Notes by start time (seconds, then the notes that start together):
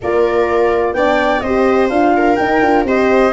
0.02 A#3 F4 A#4 D5
0.93 B3 D4 D5 G5
1.40 C4 G4 C5 D#5
1.89 D4 F4 F5
2.16 A#4
2.36 D#4 G5
2.61 D4 F4
2.84 C4 G4 C5 D#5